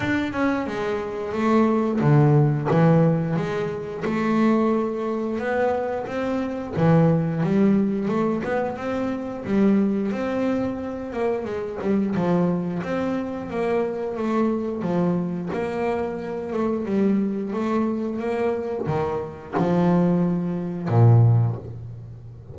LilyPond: \new Staff \with { instrumentName = "double bass" } { \time 4/4 \tempo 4 = 89 d'8 cis'8 gis4 a4 d4 | e4 gis4 a2 | b4 c'4 e4 g4 | a8 b8 c'4 g4 c'4~ |
c'8 ais8 gis8 g8 f4 c'4 | ais4 a4 f4 ais4~ | ais8 a8 g4 a4 ais4 | dis4 f2 ais,4 | }